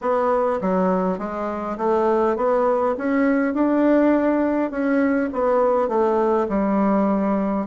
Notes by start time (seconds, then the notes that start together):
0.01 B3
0.61 F#3
1.18 G#3
1.77 A3
2.36 B3
2.97 C#4
3.54 D4
4.71 C#4
5.33 B3
5.88 A3
6.48 G3